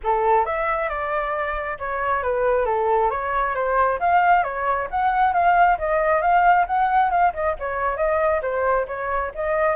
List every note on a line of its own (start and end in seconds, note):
0.03 0.45 A4
0.45 0.89 E5
0.89 1.78 D5
1.78 2.22 C#5
2.22 2.65 B4
2.65 3.10 A4
3.10 3.54 C#5
3.54 3.99 C5
3.99 4.43 F5
4.43 4.88 C#5
4.90 5.33 F#5
5.33 5.77 F5
5.78 6.21 D#5
6.21 6.66 F5
6.66 7.10 F#5
7.10 7.33 F5
7.33 7.55 D#5
7.59 7.96 C#5
7.96 8.41 D#5
8.42 8.86 C5
8.87 9.32 C#5
9.34 9.75 D#5